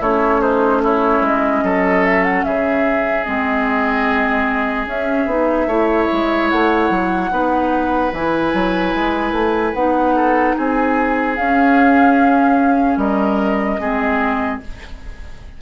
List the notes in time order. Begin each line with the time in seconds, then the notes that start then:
0.00 A3 C#4 E4 C#5
0.41 D#4 C5
0.83 E4 C#5
1.21 G#3 D#5
1.63 F#3 A4
2.04 E5
2.24 F#5
2.44 C#3 G#4 E5
3.24 G#3 C4 D#5
4.86 C#4 E5
5.26 B3 D#4
5.66 A3 E4 C#5
6.12 G#3
6.50 A3 F#5
6.90 F#3
7.30 B3 D#4 B4
8.12 E3 E4 G#5
8.54 F#3
8.94 G#3
9.32 A3
9.74 B3 D#4 F#5
10.15 A4
10.56 C4 G#4 G#5
11.36 C#4 F5
12.97 G3 A#4 D#5
13.78 G#3 C4 G#4